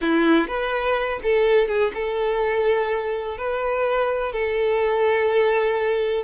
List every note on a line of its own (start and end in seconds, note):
0.01 0.47 E4
0.47 1.19 B4
1.22 1.67 A4
1.67 1.91 G#4
1.94 3.37 A4
3.37 4.32 B4
4.32 6.24 A4